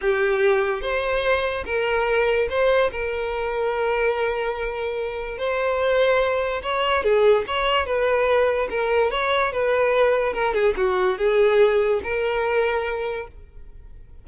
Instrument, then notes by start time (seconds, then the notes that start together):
violin
0.01 G4
0.81 C5
1.65 A#4
2.49 C5
2.91 A#4
5.37 C5
6.62 C#5
7.03 G#4
7.47 C#5
7.85 B4
8.70 A#4
9.11 C#5
9.52 B4
10.33 A#4
10.53 G#4
10.76 F#4
11.18 G#4
12.03 A#4